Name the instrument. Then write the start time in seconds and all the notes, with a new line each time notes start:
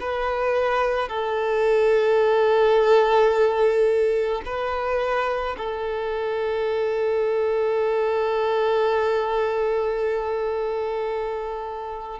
violin
0.00 B4
1.09 A4
4.45 B4
5.58 A4